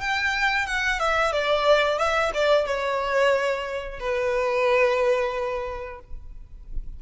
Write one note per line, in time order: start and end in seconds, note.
0.00 0.66 G5
0.66 0.99 F#5
0.99 1.32 E5
1.32 1.98 D5
1.98 2.31 E5
2.34 2.66 D5
2.66 3.99 C#5
3.99 5.99 B4